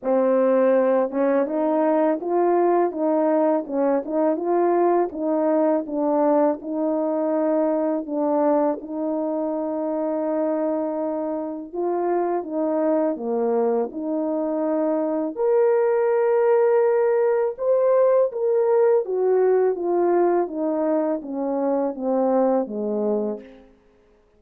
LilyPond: \new Staff \with { instrumentName = "horn" } { \time 4/4 \tempo 4 = 82 c'4. cis'8 dis'4 f'4 | dis'4 cis'8 dis'8 f'4 dis'4 | d'4 dis'2 d'4 | dis'1 |
f'4 dis'4 ais4 dis'4~ | dis'4 ais'2. | c''4 ais'4 fis'4 f'4 | dis'4 cis'4 c'4 gis4 | }